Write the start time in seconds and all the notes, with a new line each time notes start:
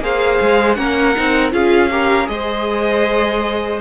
0.00 A#3 G#4 C5 F5
0.41 G#3
0.75 A#3 C#4 A#4 F#5
1.16 C4 D#4
1.52 C#4 F4 G#4 F5
1.92 G4 A#4
2.26 G#3 G#4 D#5
2.32 C5